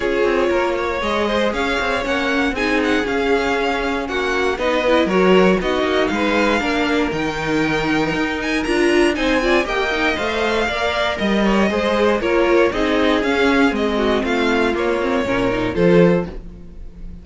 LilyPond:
<<
  \new Staff \with { instrumentName = "violin" } { \time 4/4 \tempo 4 = 118 cis''2 dis''4 f''4 | fis''4 gis''8 fis''8 f''2 | fis''4 dis''4 cis''4 dis''4 | f''2 g''2~ |
g''8 gis''8 ais''4 gis''4 g''4 | f''2 dis''2 | cis''4 dis''4 f''4 dis''4 | f''4 cis''2 c''4 | }
  \new Staff \with { instrumentName = "violin" } { \time 4/4 gis'4 ais'8 cis''4 c''8 cis''4~ | cis''4 gis'2. | fis'4 b'4 ais'4 fis'4 | b'4 ais'2.~ |
ais'2 c''8 d''8 dis''4~ | dis''4 d''4 dis''8 cis''8 c''4 | ais'4 gis'2~ gis'8 fis'8 | f'2 ais'4 a'4 | }
  \new Staff \with { instrumentName = "viola" } { \time 4/4 f'2 gis'2 | cis'4 dis'4 cis'2~ | cis'4 dis'8 e'8 fis'4 dis'4~ | dis'4 d'4 dis'2~ |
dis'4 f'4 dis'8 f'8 g'8 dis'8 | c''4 ais'2 gis'4 | f'4 dis'4 cis'4 c'4~ | c'4 ais8 c'8 cis'8 dis'8 f'4 | }
  \new Staff \with { instrumentName = "cello" } { \time 4/4 cis'8 c'8 ais4 gis4 cis'8 c'8 | ais4 c'4 cis'2 | ais4 b4 fis4 b8 ais8 | gis4 ais4 dis2 |
dis'4 d'4 c'4 ais4 | a4 ais4 g4 gis4 | ais4 c'4 cis'4 gis4 | a4 ais4 ais,4 f4 | }
>>